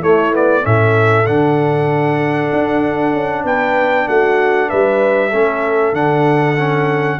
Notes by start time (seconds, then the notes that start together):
0.00 A3 E4 C#5
0.32 B3 D5
0.62 A2 C#4 A4 E5
1.25 D3 D4 F#5
2.52 D4
3.13 C#4
3.44 B3 B4 G5
4.07 A3 F#4 F#5
4.68 G3 B4 E5
5.29 A3 C#4 A4
5.93 D3 D4 F#5
6.57 C#4